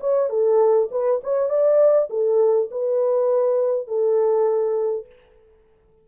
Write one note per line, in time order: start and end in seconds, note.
0.00 0.29 C#5
0.29 0.89 A4
0.91 1.21 B4
1.23 1.49 C#5
1.49 2.08 D5
2.10 2.69 A4
2.71 3.87 B4
3.87 5.06 A4